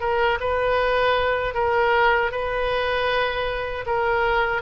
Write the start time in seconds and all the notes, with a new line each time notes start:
0.00 A#4
0.40 B4
1.54 A#4
2.31 B4
3.86 A#4